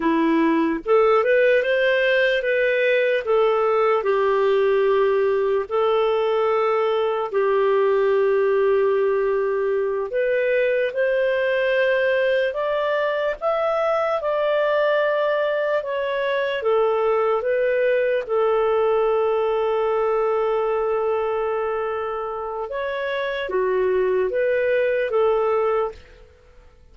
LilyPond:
\new Staff \with { instrumentName = "clarinet" } { \time 4/4 \tempo 4 = 74 e'4 a'8 b'8 c''4 b'4 | a'4 g'2 a'4~ | a'4 g'2.~ | g'8 b'4 c''2 d''8~ |
d''8 e''4 d''2 cis''8~ | cis''8 a'4 b'4 a'4.~ | a'1 | cis''4 fis'4 b'4 a'4 | }